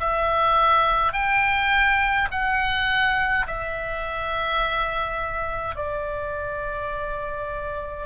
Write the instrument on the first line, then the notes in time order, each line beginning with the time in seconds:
oboe
0.00 E5
1.13 G5
2.31 F#5
3.47 E5
5.76 D5